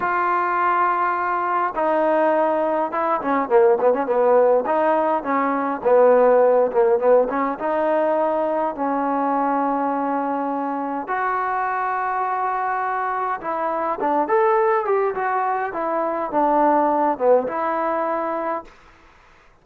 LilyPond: \new Staff \with { instrumentName = "trombone" } { \time 4/4 \tempo 4 = 103 f'2. dis'4~ | dis'4 e'8 cis'8 ais8 b16 cis'16 b4 | dis'4 cis'4 b4. ais8 | b8 cis'8 dis'2 cis'4~ |
cis'2. fis'4~ | fis'2. e'4 | d'8 a'4 g'8 fis'4 e'4 | d'4. b8 e'2 | }